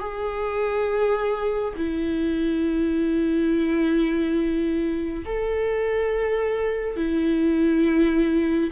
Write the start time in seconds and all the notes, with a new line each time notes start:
0.00 G#4
1.77 E4
5.26 A4
6.97 E4